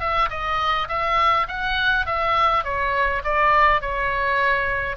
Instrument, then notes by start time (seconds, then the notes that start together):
oboe
0.00 E5
0.30 D#5
0.89 E5
1.48 F#5
2.06 E5
2.64 C#5
3.24 D5
3.81 C#5